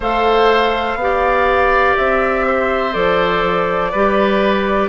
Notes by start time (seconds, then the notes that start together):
0.00 A3 A4 C5 F5
0.95 B3
1.01 G4 D5
1.96 C4 E5
2.46 C5
2.92 F3 A4 D5
3.91 G3 G4 B4